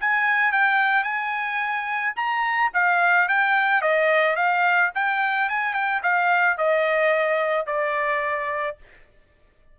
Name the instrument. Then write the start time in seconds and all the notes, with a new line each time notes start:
trumpet
0.00 G#5
0.52 G5
1.03 G#5
2.16 A#5
2.73 F5
3.28 G5
3.82 D#5
4.36 F5
4.95 G5
5.49 G#5
5.73 G5
6.03 F5
6.58 D#5
7.66 D5